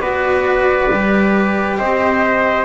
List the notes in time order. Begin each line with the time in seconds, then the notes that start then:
0.00 B3 F#4 B4 D5
0.91 G3 G4
1.77 C4 C5 D#5